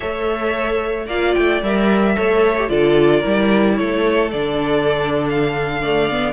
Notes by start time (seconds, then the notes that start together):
0.00 A3 A4 C#5 E5
1.06 A#3 F4 D5 F5
1.34 A3 G5
1.62 G3 A#4 E5
2.16 A3 A4 C#5
2.58 G4
2.68 D3 F4 A4 D5
3.19 E4 A#4
3.26 G3
3.76 A3 A4 C#5
4.31 D3 D4 D5
5.29 F5
5.81 A3 D5
6.10 B3